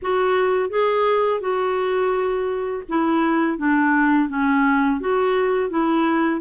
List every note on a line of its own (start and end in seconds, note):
0.02 0.69 F#4
0.69 1.40 G#4
1.40 2.83 F#4
2.89 3.58 E4
3.58 4.29 D4
4.29 5.00 C#4
5.00 5.69 F#4
5.69 6.41 E4